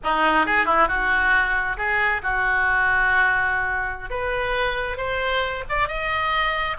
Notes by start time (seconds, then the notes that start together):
0.03 D#4
0.45 G#4
0.65 E4
0.88 F#4
1.77 G#4
2.22 F#4
4.09 B4
4.97 C5
5.69 D5
5.87 D#5